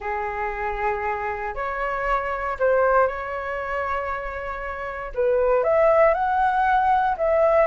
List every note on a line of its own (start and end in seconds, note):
0.00 1.54 G#4
1.55 2.57 C#5
2.59 3.07 C5
3.07 5.12 C#5
5.14 5.63 B4
5.63 6.14 E5
6.14 7.16 F#5
7.17 7.67 E5